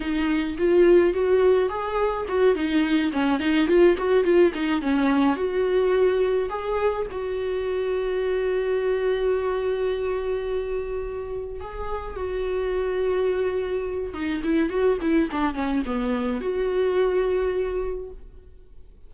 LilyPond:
\new Staff \with { instrumentName = "viola" } { \time 4/4 \tempo 4 = 106 dis'4 f'4 fis'4 gis'4 | fis'8 dis'4 cis'8 dis'8 f'8 fis'8 f'8 | dis'8 cis'4 fis'2 gis'8~ | gis'8 fis'2.~ fis'8~ |
fis'1~ | fis'8 gis'4 fis'2~ fis'8~ | fis'4 dis'8 e'8 fis'8 e'8 d'8 cis'8 | b4 fis'2. | }